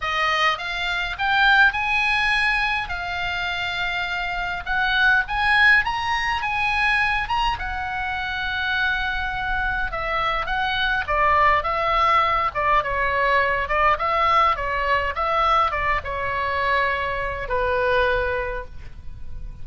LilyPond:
\new Staff \with { instrumentName = "oboe" } { \time 4/4 \tempo 4 = 103 dis''4 f''4 g''4 gis''4~ | gis''4 f''2. | fis''4 gis''4 ais''4 gis''4~ | gis''8 ais''8 fis''2.~ |
fis''4 e''4 fis''4 d''4 | e''4. d''8 cis''4. d''8 | e''4 cis''4 e''4 d''8 cis''8~ | cis''2 b'2 | }